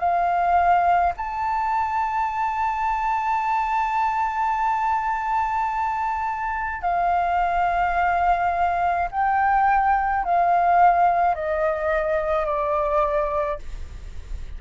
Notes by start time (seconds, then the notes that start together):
0.00 F5
1.17 A5
6.82 F5
9.12 G5
10.25 F5
11.35 D#5
12.46 D5